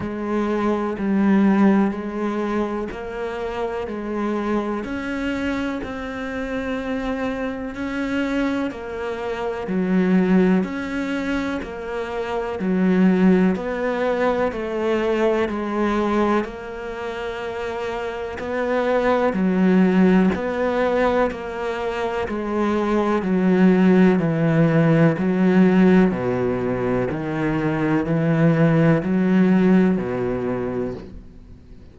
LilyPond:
\new Staff \with { instrumentName = "cello" } { \time 4/4 \tempo 4 = 62 gis4 g4 gis4 ais4 | gis4 cis'4 c'2 | cis'4 ais4 fis4 cis'4 | ais4 fis4 b4 a4 |
gis4 ais2 b4 | fis4 b4 ais4 gis4 | fis4 e4 fis4 b,4 | dis4 e4 fis4 b,4 | }